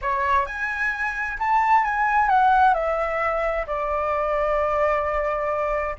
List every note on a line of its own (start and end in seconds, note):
0.01 0.46 C#5
0.46 1.37 G#5
1.39 1.84 A5
1.84 2.29 G#5
2.29 2.74 F#5
2.74 3.65 E5
3.66 5.95 D5